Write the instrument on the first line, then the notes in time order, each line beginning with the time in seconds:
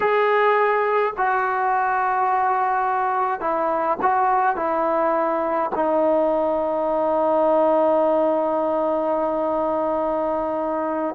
trombone
0.00 G#4
1.17 F#4
3.40 E4
4.02 F#4
4.56 E4
5.75 D#4